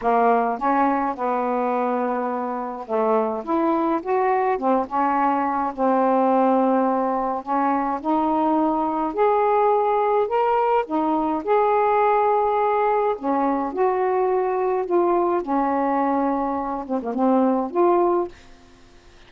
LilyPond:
\new Staff \with { instrumentName = "saxophone" } { \time 4/4 \tempo 4 = 105 ais4 cis'4 b2~ | b4 a4 e'4 fis'4 | c'8 cis'4. c'2~ | c'4 cis'4 dis'2 |
gis'2 ais'4 dis'4 | gis'2. cis'4 | fis'2 f'4 cis'4~ | cis'4. c'16 ais16 c'4 f'4 | }